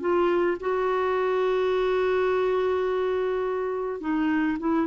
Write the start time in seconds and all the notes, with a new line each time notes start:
0.00 F4
0.60 F#4
4.00 D#4
4.59 E4